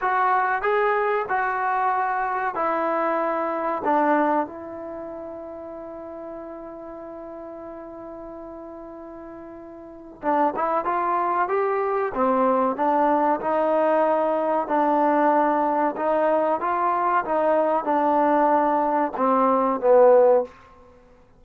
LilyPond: \new Staff \with { instrumentName = "trombone" } { \time 4/4 \tempo 4 = 94 fis'4 gis'4 fis'2 | e'2 d'4 e'4~ | e'1~ | e'1 |
d'8 e'8 f'4 g'4 c'4 | d'4 dis'2 d'4~ | d'4 dis'4 f'4 dis'4 | d'2 c'4 b4 | }